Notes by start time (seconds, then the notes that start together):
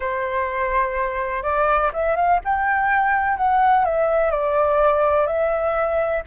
0.00 C5
1.43 D5
1.93 E5
2.16 F5
2.44 G5
3.37 F#5
3.84 E5
4.31 D5
5.26 E5